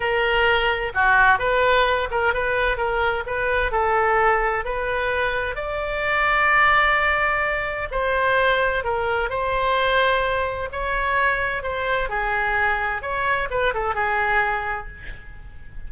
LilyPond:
\new Staff \with { instrumentName = "oboe" } { \time 4/4 \tempo 4 = 129 ais'2 fis'4 b'4~ | b'8 ais'8 b'4 ais'4 b'4 | a'2 b'2 | d''1~ |
d''4 c''2 ais'4 | c''2. cis''4~ | cis''4 c''4 gis'2 | cis''4 b'8 a'8 gis'2 | }